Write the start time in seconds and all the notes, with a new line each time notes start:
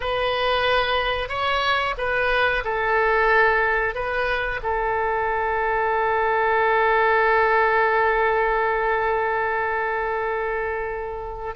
0.00 B4
1.29 C#5
1.97 B4
2.64 A4
3.94 B4
4.62 A4